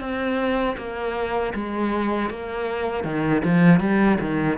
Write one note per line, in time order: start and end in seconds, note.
0.00 0.76 C4
0.77 1.53 A#3
1.54 2.30 G#3
2.30 3.04 A#3
3.04 3.42 D#3
3.45 3.80 F3
3.80 4.18 G3
4.20 4.58 D#3